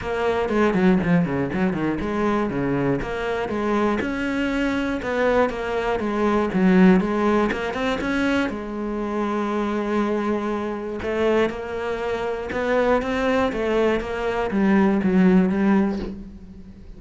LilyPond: \new Staff \with { instrumentName = "cello" } { \time 4/4 \tempo 4 = 120 ais4 gis8 fis8 f8 cis8 fis8 dis8 | gis4 cis4 ais4 gis4 | cis'2 b4 ais4 | gis4 fis4 gis4 ais8 c'8 |
cis'4 gis2.~ | gis2 a4 ais4~ | ais4 b4 c'4 a4 | ais4 g4 fis4 g4 | }